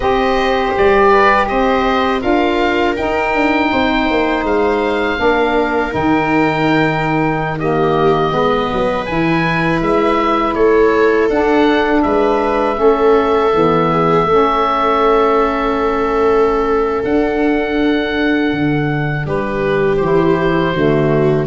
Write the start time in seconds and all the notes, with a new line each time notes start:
0.00 C4 G4 C5 D#5
0.77 G3 D5
1.09 B4
1.47 C4 C5 D#5
2.20 D4 F4 A#4 F5
2.96 D#4 G5
3.34 D4
3.72 C4 C5
4.10 A#3
4.43 G#3 F5
5.17 A#3 D4 A#4
5.90 D#3 D#4 G5
7.59 A#3 G4 D#5
8.31 G#3 B3 B4
8.72 F#3
9.05 E3 E4 G#5
9.81 G#3 E5
10.54 A3 A4 C#5
11.29 D4 F#5
12.02 G#3 B4 E5
12.75 A3 C#4 A4
13.52 E3 B3
13.91 G#4
14.24 A3 C#4 A4
17.04 D4 F#5
18.52 D3
19.26 G3 G4 B4
19.96 E3 E4 C5
20.73 D3 A3 F#4